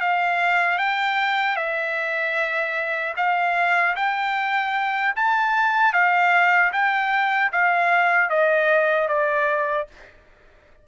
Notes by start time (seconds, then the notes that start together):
0.00 F5
0.78 G5
1.56 E5
3.17 F5
3.95 G5
5.16 A5
5.93 F5
6.72 G5
7.52 F5
8.30 D#5
9.08 D5